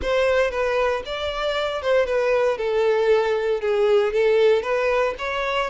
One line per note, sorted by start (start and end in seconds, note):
0.01 0.50 C5
0.50 1.02 B4
1.05 1.82 D5
1.82 2.05 C5
2.05 2.57 B4
2.57 3.60 A4
3.61 4.12 G#4
4.12 4.62 A4
4.62 5.14 B4
5.18 5.70 C#5